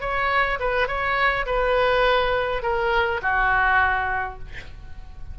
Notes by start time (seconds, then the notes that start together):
0.00 C#5
0.59 B4
0.87 C#5
1.46 B4
2.62 A#4
3.22 F#4